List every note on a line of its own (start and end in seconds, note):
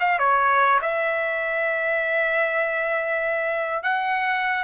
0.00 0.18 F5
0.18 0.79 C#5
0.81 3.83 E5
3.83 4.63 F#5